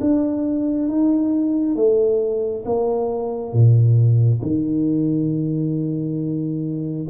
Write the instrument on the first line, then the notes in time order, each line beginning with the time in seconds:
tuba
0.00 D4
0.88 D#4
1.75 A3
2.65 A#3
3.52 A#2
4.42 D#3